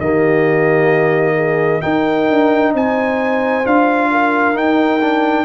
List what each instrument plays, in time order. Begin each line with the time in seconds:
0.00 tuba D#3, trombone A#3, horn G4, trumpet D#5
1.35 horn G#4
1.81 trombone D#4, tuba D#4, horn A#4, trumpet G5
2.29 tuba D4
2.74 tuba C4, horn C5, trumpet G#5
3.64 tuba D4, trombone F4, trumpet F5
4.11 horn A#4
4.54 trombone D#4, tuba D#4, trumpet G5
5.00 trombone D4